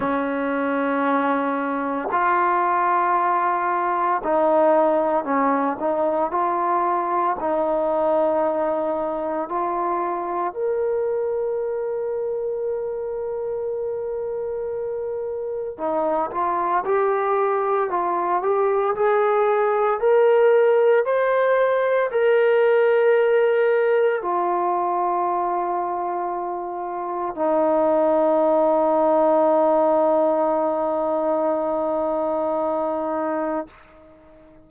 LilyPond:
\new Staff \with { instrumentName = "trombone" } { \time 4/4 \tempo 4 = 57 cis'2 f'2 | dis'4 cis'8 dis'8 f'4 dis'4~ | dis'4 f'4 ais'2~ | ais'2. dis'8 f'8 |
g'4 f'8 g'8 gis'4 ais'4 | c''4 ais'2 f'4~ | f'2 dis'2~ | dis'1 | }